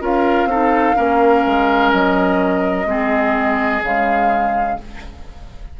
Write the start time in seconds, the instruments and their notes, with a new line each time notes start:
0.00 bassoon C#4, clarinet F4, oboe A#4, flute F5
0.45 bassoon C4, clarinet D#4, oboe A4
0.94 bassoon A#3, clarinet C#4, oboe A#4
1.45 bassoon G#3
1.92 bassoon F#3, flute D#5
2.85 bassoon G#3, clarinet C4, oboe G#4
3.82 bassoon C#3, clarinet G#3, flute F5